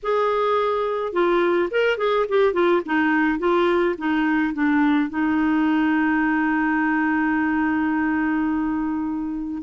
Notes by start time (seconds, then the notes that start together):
0.03 G#4
1.12 F4
1.71 A#4
1.97 G#4
2.28 G4
2.53 F4
2.85 D#4
3.38 F4
3.98 D#4
4.53 D4
5.09 D#4